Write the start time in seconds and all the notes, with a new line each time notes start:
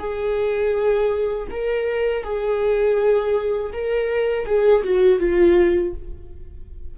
0.00 G#4
1.51 A#4
2.24 G#4
3.73 A#4
4.46 G#4
4.84 F#4
5.20 F4